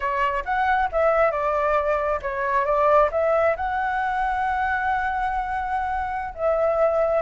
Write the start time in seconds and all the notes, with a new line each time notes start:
0.00 C#5
0.44 F#5
0.92 E5
1.31 D5
2.22 C#5
2.65 D5
3.11 E5
3.56 F#5
6.34 E5